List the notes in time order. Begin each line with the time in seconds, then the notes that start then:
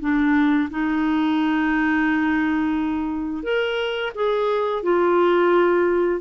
0.00 D4
0.70 D#4
3.43 A#4
4.15 G#4
4.83 F4